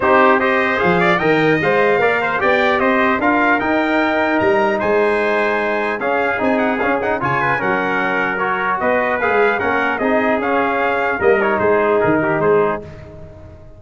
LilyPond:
<<
  \new Staff \with { instrumentName = "trumpet" } { \time 4/4 \tempo 4 = 150 c''4 dis''4 f''4 g''4 | f''2 g''4 dis''4 | f''4 g''2 ais''4 | gis''2. f''4 |
gis''8 fis''8 f''8 fis''8 gis''4 fis''4~ | fis''4 cis''4 dis''4 f''4 | fis''4 dis''4 f''2 | dis''8 cis''8 c''4 ais'4 c''4 | }
  \new Staff \with { instrumentName = "trumpet" } { \time 4/4 g'4 c''4. d''8 dis''4~ | dis''4 d''8 c''8 d''4 c''4 | ais'1 | c''2. gis'4~ |
gis'2 cis''8 b'8 ais'4~ | ais'2 b'2 | ais'4 gis'2. | ais'4 gis'4. g'8 gis'4 | }
  \new Staff \with { instrumentName = "trombone" } { \time 4/4 dis'4 g'4 gis'4 ais'4 | c''4 ais'4 g'2 | f'4 dis'2.~ | dis'2. cis'4 |
dis'4 cis'8 dis'8 f'4 cis'4~ | cis'4 fis'2 gis'4 | cis'4 dis'4 cis'2 | ais8 dis'2.~ dis'8 | }
  \new Staff \with { instrumentName = "tuba" } { \time 4/4 c'2 f4 dis4 | gis4 ais4 b4 c'4 | d'4 dis'2 g4 | gis2. cis'4 |
c'4 cis'4 cis4 fis4~ | fis2 b4 ais16 gis8. | ais4 c'4 cis'2 | g4 gis4 dis4 gis4 | }
>>